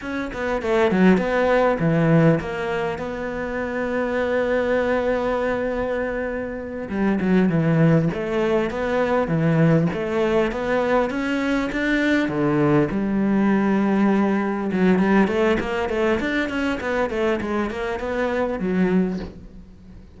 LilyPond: \new Staff \with { instrumentName = "cello" } { \time 4/4 \tempo 4 = 100 cis'8 b8 a8 fis8 b4 e4 | ais4 b2.~ | b2.~ b8 g8 | fis8 e4 a4 b4 e8~ |
e8 a4 b4 cis'4 d'8~ | d'8 d4 g2~ g8~ | g8 fis8 g8 a8 ais8 a8 d'8 cis'8 | b8 a8 gis8 ais8 b4 fis4 | }